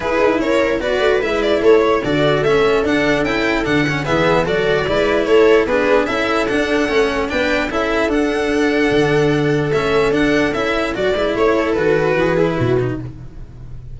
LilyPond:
<<
  \new Staff \with { instrumentName = "violin" } { \time 4/4 \tempo 4 = 148 b'4 cis''4 d''4 e''8 d''8 | cis''4 d''4 e''4 fis''4 | g''4 fis''4 e''4 d''4~ | d''4 cis''4 b'4 e''4 |
fis''2 g''4 e''4 | fis''1 | e''4 fis''4 e''4 d''4 | cis''4 b'2. | }
  \new Staff \with { instrumentName = "viola" } { \time 4/4 gis'4 ais'4 b'2 | a'8 cis''8 a'2.~ | a'2 gis'4 a'4 | b'4 a'4 gis'4 a'4~ |
a'2 b'4 a'4~ | a'1~ | a'2.~ a'8 b'8 | cis''8 a'4. gis'4 fis'4 | }
  \new Staff \with { instrumentName = "cello" } { \time 4/4 e'2 fis'4 e'4~ | e'4 fis'4 cis'4 d'4 | e'4 d'8 cis'8 b4 fis'4 | e'2 d'4 e'4 |
d'4 cis'4 d'4 e'4 | d'1 | cis'4 d'4 e'4 fis'8 e'8~ | e'4 fis'4. e'4 dis'8 | }
  \new Staff \with { instrumentName = "tuba" } { \time 4/4 e'8 dis'8 cis'4 b8 a8 gis4 | a4 d4 a4 d'4 | cis'4 d4 e4 fis4 | gis4 a4 b4 cis'4 |
d'4 a4 b4 cis'4 | d'2 d2 | a4 d'4 cis'4 fis8 gis8 | a4 dis4 e4 b,4 | }
>>